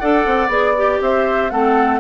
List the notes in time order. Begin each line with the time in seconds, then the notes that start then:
0.00 D4 A4 D5 F#5
0.26 C4
0.48 B3 G#4 D5
0.77 G4
1.01 C4 C5 E5
1.50 A3 C4 A4 F#5